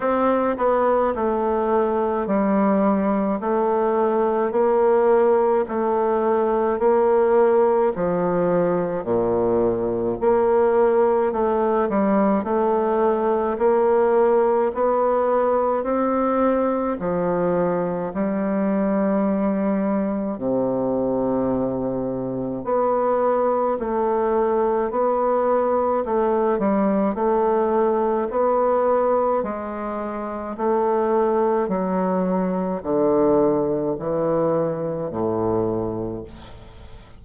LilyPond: \new Staff \with { instrumentName = "bassoon" } { \time 4/4 \tempo 4 = 53 c'8 b8 a4 g4 a4 | ais4 a4 ais4 f4 | ais,4 ais4 a8 g8 a4 | ais4 b4 c'4 f4 |
g2 c2 | b4 a4 b4 a8 g8 | a4 b4 gis4 a4 | fis4 d4 e4 a,4 | }